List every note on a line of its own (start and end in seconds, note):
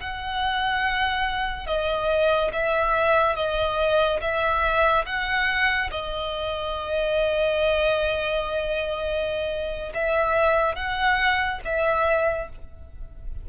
0.00 1.67 F#5
1.67 2.51 D#5
2.53 3.36 E5
3.36 4.20 D#5
4.21 5.06 E5
5.06 5.90 F#5
5.91 9.93 D#5
9.94 10.76 E5
10.76 11.60 F#5
11.65 12.49 E5